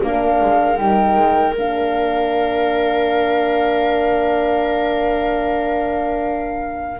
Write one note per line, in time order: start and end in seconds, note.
0.00 0.40 A#3
0.00 0.76 D4
0.00 7.00 A#4
0.00 0.76 F5
0.40 0.79 G#3
0.76 1.17 G3
0.76 1.54 D#4
0.76 1.54 G5
1.17 1.56 G#3
1.56 7.00 A#3
1.56 7.00 D4
1.56 7.00 F5